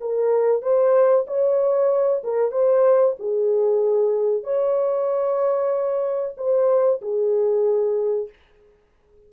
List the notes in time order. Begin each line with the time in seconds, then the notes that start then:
0.00 A#4
0.62 C5
1.27 C#5
2.23 A#4
2.51 C5
3.19 G#4
4.43 C#5
6.37 C5
7.01 G#4